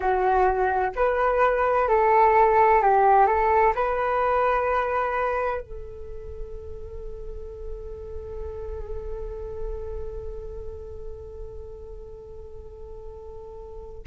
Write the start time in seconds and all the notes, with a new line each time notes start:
0.00 F#4
0.95 B4
1.88 A4
2.81 G4
3.26 A4
3.75 B4
5.60 A4